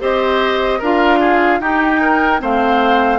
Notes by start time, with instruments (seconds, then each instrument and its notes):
0.00 bassoon C4, clarinet G4, oboe C5, flute D#5
0.79 bassoon D4, clarinet F4, oboe A#4, flute F5
1.19 oboe G#4
1.60 bassoon D#4, clarinet D#4, oboe G4, flute G5
2.01 oboe A#4
2.39 bassoon A3, clarinet C4, oboe C5, flute F5